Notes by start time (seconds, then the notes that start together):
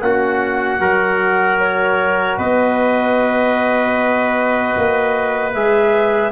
0.00 A#3 C#4 F#4 F#5
0.80 F#3 F#4 A#4
1.60 C#5
2.38 B3 B4 D#5
4.77 A#3
5.53 G#3 G#4 E5